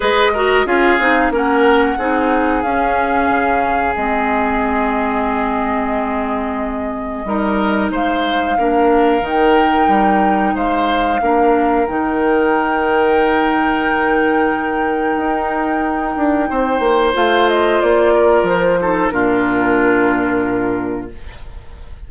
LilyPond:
<<
  \new Staff \with { instrumentName = "flute" } { \time 4/4 \tempo 4 = 91 dis''4 f''4 fis''2 | f''2 dis''2~ | dis''1 | f''2 g''2 |
f''2 g''2~ | g''1~ | g''2 f''8 dis''8 d''4 | c''4 ais'2. | }
  \new Staff \with { instrumentName = "oboe" } { \time 4/4 b'8 ais'8 gis'4 ais'4 gis'4~ | gis'1~ | gis'2. ais'4 | c''4 ais'2. |
c''4 ais'2.~ | ais'1~ | ais'4 c''2~ c''8 ais'8~ | ais'8 a'8 f'2. | }
  \new Staff \with { instrumentName = "clarinet" } { \time 4/4 gis'8 fis'8 f'8 dis'8 cis'4 dis'4 | cis'2 c'2~ | c'2. dis'4~ | dis'4 d'4 dis'2~ |
dis'4 d'4 dis'2~ | dis'1~ | dis'2 f'2~ | f'8 dis'8 d'2. | }
  \new Staff \with { instrumentName = "bassoon" } { \time 4/4 gis4 cis'8 c'8 ais4 c'4 | cis'4 cis4 gis2~ | gis2. g4 | gis4 ais4 dis4 g4 |
gis4 ais4 dis2~ | dis2. dis'4~ | dis'8 d'8 c'8 ais8 a4 ais4 | f4 ais,2. | }
>>